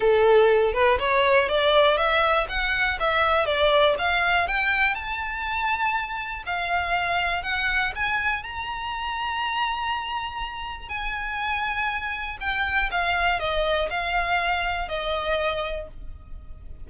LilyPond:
\new Staff \with { instrumentName = "violin" } { \time 4/4 \tempo 4 = 121 a'4. b'8 cis''4 d''4 | e''4 fis''4 e''4 d''4 | f''4 g''4 a''2~ | a''4 f''2 fis''4 |
gis''4 ais''2.~ | ais''2 gis''2~ | gis''4 g''4 f''4 dis''4 | f''2 dis''2 | }